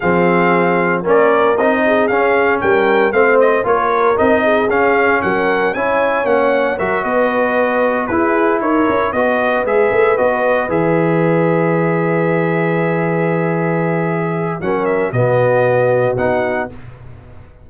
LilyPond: <<
  \new Staff \with { instrumentName = "trumpet" } { \time 4/4 \tempo 4 = 115 f''2 d''4 dis''4 | f''4 g''4 f''8 dis''8 cis''4 | dis''4 f''4 fis''4 gis''4 | fis''4 e''8 dis''2 b'8~ |
b'8 cis''4 dis''4 e''4 dis''8~ | dis''8 e''2.~ e''8~ | e''1 | fis''8 e''8 dis''2 fis''4 | }
  \new Staff \with { instrumentName = "horn" } { \time 4/4 gis'2 ais'4. gis'8~ | gis'4 ais'4 c''4 ais'4~ | ais'8 gis'4. ais'4 cis''4~ | cis''4 ais'8 b'2 gis'8~ |
gis'8 ais'4 b'2~ b'8~ | b'1~ | b'1 | ais'4 fis'2. | }
  \new Staff \with { instrumentName = "trombone" } { \time 4/4 c'2 cis'4 dis'4 | cis'2 c'4 f'4 | dis'4 cis'2 e'4 | cis'4 fis'2~ fis'8 e'8~ |
e'4. fis'4 gis'4 fis'8~ | fis'8 gis'2.~ gis'8~ | gis'1 | cis'4 b2 dis'4 | }
  \new Staff \with { instrumentName = "tuba" } { \time 4/4 f2 ais4 c'4 | cis'4 g4 a4 ais4 | c'4 cis'4 fis4 cis'4 | ais4 fis8 b2 e'8~ |
e'8 dis'8 cis'8 b4 gis8 a8 b8~ | b8 e2.~ e8~ | e1 | fis4 b,2 b4 | }
>>